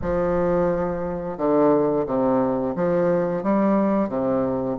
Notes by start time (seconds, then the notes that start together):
0.01 F3
1.37 D3
2.06 C3
2.75 F3
3.43 G3
4.08 C3